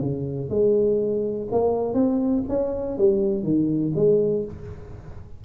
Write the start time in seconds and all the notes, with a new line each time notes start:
0.00 C#3
0.49 G#3
1.52 A#3
1.94 C4
2.49 C#4
2.98 G3
3.43 D#3
3.95 G#3